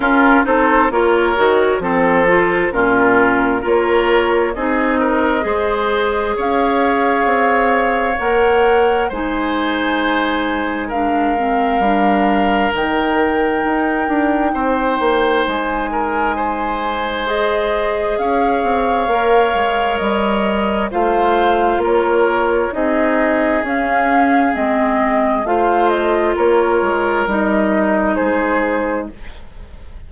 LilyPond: <<
  \new Staff \with { instrumentName = "flute" } { \time 4/4 \tempo 4 = 66 ais'8 c''8 cis''4 c''4 ais'4 | cis''4 dis''2 f''4~ | f''4 fis''4 gis''2 | f''2 g''2~ |
g''4 gis''2 dis''4 | f''2 dis''4 f''4 | cis''4 dis''4 f''4 dis''4 | f''8 dis''8 cis''4 dis''4 c''4 | }
  \new Staff \with { instrumentName = "oboe" } { \time 4/4 f'8 a'8 ais'4 a'4 f'4 | ais'4 gis'8 ais'8 c''4 cis''4~ | cis''2 c''2 | ais'1 |
c''4. ais'8 c''2 | cis''2. c''4 | ais'4 gis'2. | c''4 ais'2 gis'4 | }
  \new Staff \with { instrumentName = "clarinet" } { \time 4/4 cis'8 dis'8 f'8 fis'8 c'8 f'8 cis'4 | f'4 dis'4 gis'2~ | gis'4 ais'4 dis'2 | d'8 c'8 d'4 dis'2~ |
dis'2. gis'4~ | gis'4 ais'2 f'4~ | f'4 dis'4 cis'4 c'4 | f'2 dis'2 | }
  \new Staff \with { instrumentName = "bassoon" } { \time 4/4 cis'8 c'8 ais8 dis8 f4 ais,4 | ais4 c'4 gis4 cis'4 | c'4 ais4 gis2~ | gis4 g4 dis4 dis'8 d'8 |
c'8 ais8 gis2. | cis'8 c'8 ais8 gis8 g4 a4 | ais4 c'4 cis'4 gis4 | a4 ais8 gis8 g4 gis4 | }
>>